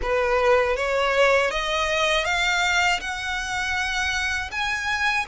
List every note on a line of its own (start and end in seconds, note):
0.02 0.76 B4
0.76 1.50 C#5
1.50 2.25 D#5
2.25 3.00 F5
3.00 4.50 F#5
4.51 5.26 G#5